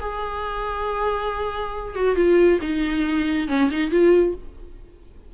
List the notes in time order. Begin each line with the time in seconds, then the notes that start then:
0.00 G#4
1.95 F#4
2.16 F4
2.61 D#4
3.48 C#4
3.71 D#4
3.91 F4